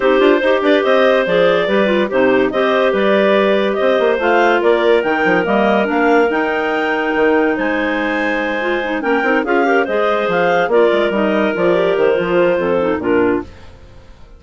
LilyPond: <<
  \new Staff \with { instrumentName = "clarinet" } { \time 4/4 \tempo 4 = 143 c''4. d''8 dis''4 d''4~ | d''4 c''4 dis''4 d''4~ | d''4 dis''4 f''4 d''4 | g''4 dis''4 f''4 g''4~ |
g''2 gis''2~ | gis''4. g''4 f''4 dis''8~ | dis''8 f''4 d''4 dis''4 d''8~ | d''8 c''2~ c''8 ais'4 | }
  \new Staff \with { instrumentName = "clarinet" } { \time 4/4 g'4 c''8 b'8 c''2 | b'4 g'4 c''4 b'4~ | b'4 c''2 ais'4~ | ais'1~ |
ais'2 c''2~ | c''4. ais'4 gis'8 ais'8 c''8~ | c''4. ais'2~ ais'8~ | ais'2 a'4 f'4 | }
  \new Staff \with { instrumentName = "clarinet" } { \time 4/4 dis'8 f'8 g'2 gis'4 | g'8 f'8 dis'4 g'2~ | g'2 f'2 | dis'4 ais4 d'4 dis'4~ |
dis'1~ | dis'8 f'8 dis'8 cis'8 dis'8 f'8 g'8 gis'8~ | gis'4. f'4 dis'4 f'8 | g'4 f'4. dis'8 d'4 | }
  \new Staff \with { instrumentName = "bassoon" } { \time 4/4 c'8 d'8 dis'8 d'8 c'4 f4 | g4 c4 c'4 g4~ | g4 c'8 ais8 a4 ais4 | dis8 f8 g4 ais4 dis'4~ |
dis'4 dis4 gis2~ | gis4. ais8 c'8 cis'4 gis8~ | gis8 f4 ais8 gis8 g4 f8~ | f8 dis8 f4 f,4 ais,4 | }
>>